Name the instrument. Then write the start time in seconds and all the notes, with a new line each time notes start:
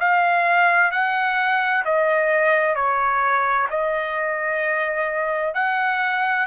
trumpet
0.00 F5
0.92 F#5
1.85 D#5
2.76 C#5
3.70 D#5
5.55 F#5